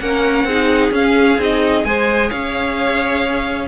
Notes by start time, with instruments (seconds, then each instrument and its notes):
0.00 cello A#3, viola C#4, violin A#4 F#5
0.44 cello C4, viola D#4, violin G#4
0.91 cello C#4, viola C#4, violin F5
1.38 cello C4, viola D#4, violin D#5
1.85 cello G#3, viola G#4, violin C5 G#5
2.29 cello C#4, violin C#5 F5